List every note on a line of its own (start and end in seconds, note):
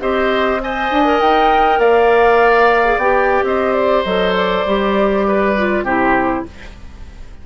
0.00 0.91 C4
0.00 0.60 G4
0.00 0.61 C5
0.00 0.61 D#5
0.60 1.04 C5
0.60 1.79 D#5
0.60 1.21 G#5
0.91 1.21 D4
1.04 2.84 A#4
1.21 1.79 D#4
1.21 1.80 G5
1.79 2.97 A#3
1.79 3.44 D5
1.79 2.98 F5
2.84 2.99 G#4
2.97 3.42 B3
2.97 4.05 G4
2.97 3.43 G5
3.43 4.03 C4
3.43 5.27 C5
3.43 3.73 D#5
3.73 4.03 D5
4.04 4.65 F#3
4.04 4.66 A4
4.04 4.34 D#5
4.35 5.85 D5
4.65 5.82 G3
4.65 5.57 G4
5.27 5.84 B4
5.57 5.86 F4
5.82 6.42 C3
5.82 6.46 E4
5.82 6.44 G4
5.82 6.45 C5